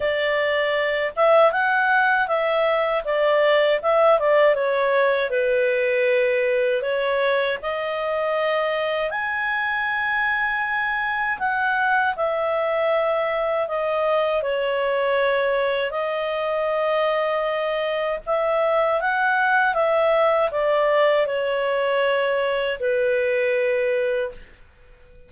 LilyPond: \new Staff \with { instrumentName = "clarinet" } { \time 4/4 \tempo 4 = 79 d''4. e''8 fis''4 e''4 | d''4 e''8 d''8 cis''4 b'4~ | b'4 cis''4 dis''2 | gis''2. fis''4 |
e''2 dis''4 cis''4~ | cis''4 dis''2. | e''4 fis''4 e''4 d''4 | cis''2 b'2 | }